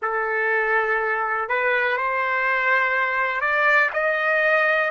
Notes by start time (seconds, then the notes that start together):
0.02 A4
1.48 B4
1.97 C5
3.40 D5
3.93 D#5